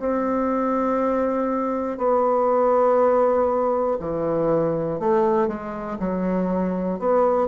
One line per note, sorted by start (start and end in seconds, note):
0.00 1.98 C4
1.98 3.98 B3
4.00 5.00 E3
5.00 5.48 A3
5.48 5.98 G#3
5.99 6.99 F#3
7.00 7.48 B3